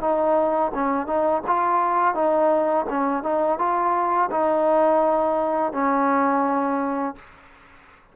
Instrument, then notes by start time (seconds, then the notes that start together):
trombone
0.00 D#4
0.74 C#4
1.06 D#4
1.47 F4
2.14 D#4
2.89 C#4
3.23 D#4
3.58 F4
4.31 D#4
5.72 C#4